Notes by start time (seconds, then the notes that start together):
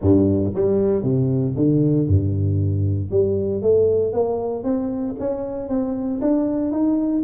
0.01 G2
0.55 G3
1.03 C3
1.55 D3
2.07 G2
3.10 G3
3.62 A3
4.12 A#3
4.63 C4
5.19 C#4
5.68 C4
6.21 D4
6.71 D#4